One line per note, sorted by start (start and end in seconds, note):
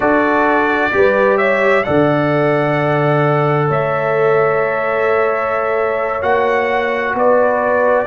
0.00 0.91 D4
0.00 0.92 F#4
0.00 0.92 A4
0.00 1.37 D5
0.92 1.85 G3
0.92 1.84 G4
0.92 1.37 B4
1.37 1.83 C#5
1.37 1.83 E5
1.83 3.69 D3
1.83 6.21 A4
1.83 3.67 D5
1.83 3.68 F#5
3.67 6.22 A3
3.67 7.14 C#5
3.67 6.22 E5
6.21 7.14 A#3
6.21 8.06 F#4
6.21 7.14 F#5
7.14 8.06 B3
7.14 8.06 B4
7.14 8.06 D5